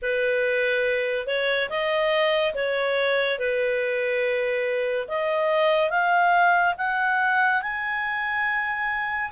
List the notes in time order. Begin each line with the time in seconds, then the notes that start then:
0.02 B4
1.26 C#5
1.69 D#5
2.54 C#5
3.38 B4
5.08 D#5
5.90 F5
6.77 F#5
7.62 G#5